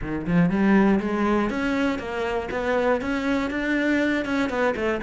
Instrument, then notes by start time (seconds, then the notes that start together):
cello
0.01 D#3
0.26 F3
0.49 G3
1.00 G#3
1.50 C#4
1.98 A#3
2.51 B3
3.01 C#4
3.50 D4
4.25 C#4
4.49 B3
4.75 A3